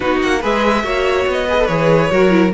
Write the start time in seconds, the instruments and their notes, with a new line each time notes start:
0.00 cello B3, viola D#4, violin F#4 B4
0.22 cello A#3, violin F#5
0.40 cello G#3, viola G#4, violin B4 E5
0.83 cello A#3, viola F#4, violin C#5
1.27 cello B3, violin D#5
1.48 viola G#4, violin B4
1.59 viola A4
1.66 cello E3, viola G#4, violin C#5
2.11 cello F#3, viola F#4, violin A#4
2.30 viola E4